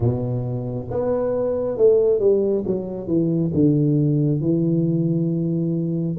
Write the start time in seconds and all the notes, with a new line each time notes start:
0.00 B2
0.90 B3
1.76 A3
2.19 G3
2.66 F#3
3.07 E3
3.54 D3
4.40 E3